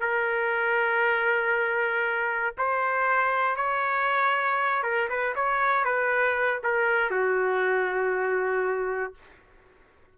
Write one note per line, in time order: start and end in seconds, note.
0.00 2.54 A#4
2.58 3.56 C5
3.56 4.83 C#5
4.83 5.08 A#4
5.09 5.35 B4
5.35 5.84 C#5
5.84 6.61 B4
6.63 7.10 A#4
7.10 9.14 F#4